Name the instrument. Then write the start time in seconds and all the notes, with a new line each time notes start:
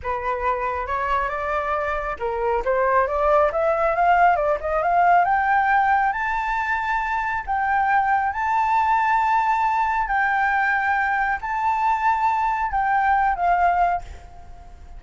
flute
0.02 B4
0.86 C#5
1.28 D5
2.19 A#4
2.65 C5
3.07 D5
3.52 E5
3.95 F5
4.36 D5
4.60 D#5
4.82 F5
5.24 G5
6.12 A5
7.46 G5
8.32 A5
10.07 G5
11.41 A5
12.71 G5
13.35 F5